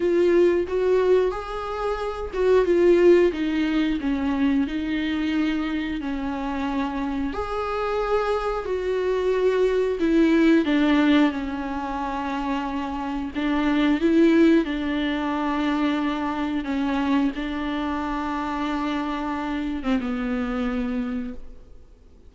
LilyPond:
\new Staff \with { instrumentName = "viola" } { \time 4/4 \tempo 4 = 90 f'4 fis'4 gis'4. fis'8 | f'4 dis'4 cis'4 dis'4~ | dis'4 cis'2 gis'4~ | gis'4 fis'2 e'4 |
d'4 cis'2. | d'4 e'4 d'2~ | d'4 cis'4 d'2~ | d'4.~ d'16 c'16 b2 | }